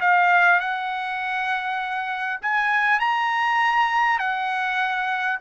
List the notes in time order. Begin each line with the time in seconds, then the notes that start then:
0.00 F5
0.60 F#5
2.41 G#5
2.99 A#5
4.18 F#5